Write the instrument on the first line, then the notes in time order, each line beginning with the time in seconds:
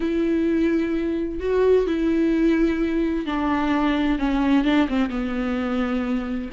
viola
0.00 E4
1.40 F#4
1.86 E4
3.26 D4
4.19 C#4
4.64 D4
4.88 C4
5.10 B3